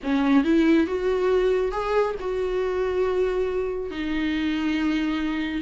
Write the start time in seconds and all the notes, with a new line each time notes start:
0.03 C#4
0.44 E4
0.87 F#4
1.71 G#4
2.20 F#4
3.91 D#4